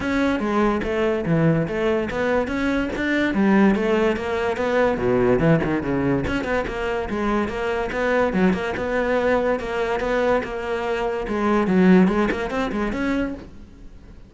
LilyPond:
\new Staff \with { instrumentName = "cello" } { \time 4/4 \tempo 4 = 144 cis'4 gis4 a4 e4 | a4 b4 cis'4 d'4 | g4 a4 ais4 b4 | b,4 e8 dis8 cis4 cis'8 b8 |
ais4 gis4 ais4 b4 | fis8 ais8 b2 ais4 | b4 ais2 gis4 | fis4 gis8 ais8 c'8 gis8 cis'4 | }